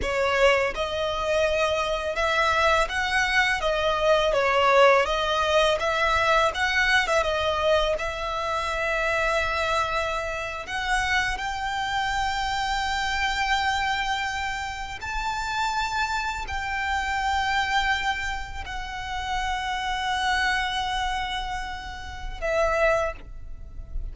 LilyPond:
\new Staff \with { instrumentName = "violin" } { \time 4/4 \tempo 4 = 83 cis''4 dis''2 e''4 | fis''4 dis''4 cis''4 dis''4 | e''4 fis''8. e''16 dis''4 e''4~ | e''2~ e''8. fis''4 g''16~ |
g''1~ | g''8. a''2 g''4~ g''16~ | g''4.~ g''16 fis''2~ fis''16~ | fis''2. e''4 | }